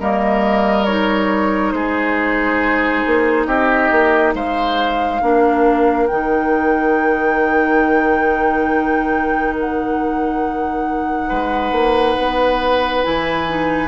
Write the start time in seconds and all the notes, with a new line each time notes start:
0.00 G3 A#3 A#4 D#5
0.85 D#4 C#5
1.72 G#3 G#4 C5
3.06 A#3
3.47 C4 G4 D#5
3.92 A#3
4.34 G#3 C5 F5
5.22 A#3 D4 A#4
6.07 D#3 D#4 G5
9.60 F#5
11.29 G#3 B4
11.72 A#3
12.18 B3
13.04 E3 E4 G#5
13.48 D#4